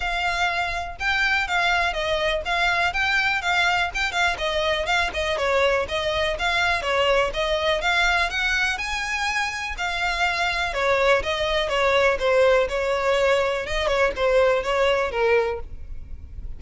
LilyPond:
\new Staff \with { instrumentName = "violin" } { \time 4/4 \tempo 4 = 123 f''2 g''4 f''4 | dis''4 f''4 g''4 f''4 | g''8 f''8 dis''4 f''8 dis''8 cis''4 | dis''4 f''4 cis''4 dis''4 |
f''4 fis''4 gis''2 | f''2 cis''4 dis''4 | cis''4 c''4 cis''2 | dis''8 cis''8 c''4 cis''4 ais'4 | }